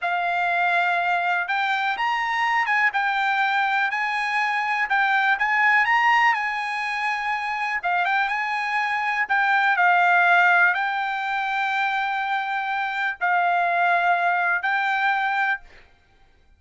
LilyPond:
\new Staff \with { instrumentName = "trumpet" } { \time 4/4 \tempo 4 = 123 f''2. g''4 | ais''4. gis''8 g''2 | gis''2 g''4 gis''4 | ais''4 gis''2. |
f''8 g''8 gis''2 g''4 | f''2 g''2~ | g''2. f''4~ | f''2 g''2 | }